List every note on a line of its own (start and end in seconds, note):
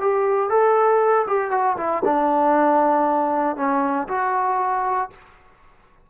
0.00 0.49 G4
0.49 1.26 A4
1.27 1.51 G4
1.51 1.76 F#4
1.77 2.02 E4
2.05 3.56 D4
3.56 4.07 C#4
4.08 5.10 F#4